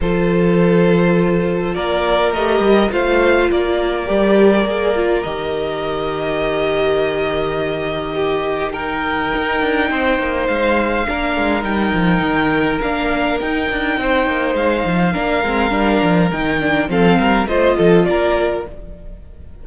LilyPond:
<<
  \new Staff \with { instrumentName = "violin" } { \time 4/4 \tempo 4 = 103 c''2. d''4 | dis''4 f''4 d''2~ | d''4 dis''2.~ | dis''2. g''4~ |
g''2 f''2 | g''2 f''4 g''4~ | g''4 f''2. | g''4 f''4 dis''4 d''4 | }
  \new Staff \with { instrumentName = "violin" } { \time 4/4 a'2. ais'4~ | ais'4 c''4 ais'2~ | ais'1~ | ais'2 g'4 ais'4~ |
ais'4 c''2 ais'4~ | ais'1 | c''2 ais'2~ | ais'4 a'8 ais'8 c''8 a'8 ais'4 | }
  \new Staff \with { instrumentName = "viola" } { \time 4/4 f'1 | g'4 f'2 g'4 | gis'8 f'8 g'2.~ | g'2. dis'4~ |
dis'2. d'4 | dis'2 d'4 dis'4~ | dis'2 d'8 c'8 d'4 | dis'8 d'8 c'4 f'2 | }
  \new Staff \with { instrumentName = "cello" } { \time 4/4 f2. ais4 | a8 g8 a4 ais4 g4 | ais4 dis2.~ | dis1 |
dis'8 d'8 c'8 ais8 gis4 ais8 gis8 | g8 f8 dis4 ais4 dis'8 d'8 | c'8 ais8 gis8 f8 ais8 gis8 g8 f8 | dis4 f8 g8 a8 f8 ais4 | }
>>